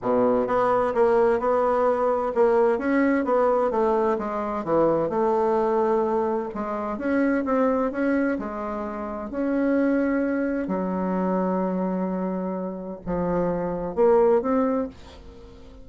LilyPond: \new Staff \with { instrumentName = "bassoon" } { \time 4/4 \tempo 4 = 129 b,4 b4 ais4 b4~ | b4 ais4 cis'4 b4 | a4 gis4 e4 a4~ | a2 gis4 cis'4 |
c'4 cis'4 gis2 | cis'2. fis4~ | fis1 | f2 ais4 c'4 | }